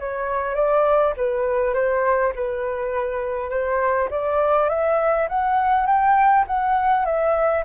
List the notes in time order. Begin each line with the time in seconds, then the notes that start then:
0.00 C#5
0.55 D5
1.17 B4
1.74 C5
2.36 B4
3.51 C5
4.11 D5
4.70 E5
5.29 F#5
5.87 G5
6.48 F#5
7.06 E5